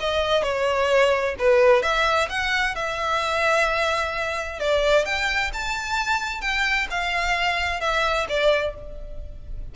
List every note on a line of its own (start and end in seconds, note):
0.00 0.43 D#5
0.43 1.35 C#5
1.39 1.82 B4
1.82 2.28 E5
2.29 2.75 F#5
2.75 4.60 E5
4.60 5.05 D5
5.05 5.51 G5
5.53 6.41 A5
6.41 6.87 G5
6.90 7.80 F5
7.80 8.26 E5
8.29 8.75 D5